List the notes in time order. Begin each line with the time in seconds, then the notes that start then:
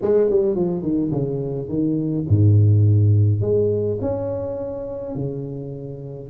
0.01 G#3
0.30 G3
0.55 F3
0.82 D#3
1.11 C#3
1.68 D#3
2.29 G#2
3.41 G#3
4.01 C#4
5.15 C#3